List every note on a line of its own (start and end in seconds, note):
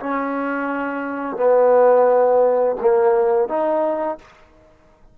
0.00 1.37 C#4
1.37 2.76 B3
2.81 3.49 A#3
3.49 4.19 D#4